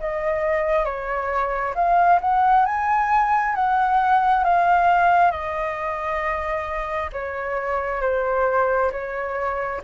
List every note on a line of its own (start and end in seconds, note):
0.00 0.84 D#5
0.84 1.74 C#5
1.75 2.19 F5
2.21 2.65 F#5
2.65 3.55 G#5
3.55 4.44 F#5
4.44 5.31 F5
5.31 7.10 D#5
7.12 8.01 C#5
8.01 8.91 C5
8.91 9.81 C#5